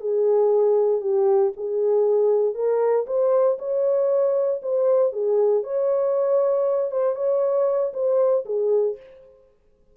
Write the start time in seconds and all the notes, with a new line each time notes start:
0.00 G#4
1.01 G4
1.56 G#4
2.54 A#4
3.07 C5
3.59 C#5
4.62 C5
5.13 G#4
5.63 C#5
6.91 C5
7.15 C#5
7.93 C5
8.45 G#4